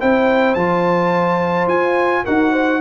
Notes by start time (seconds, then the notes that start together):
0.00 C4 E4 C5 G5
0.54 F3 F4 A5
1.67 F4 G#5
2.25 D#4 F#4 A#4 F#5
2.52 C5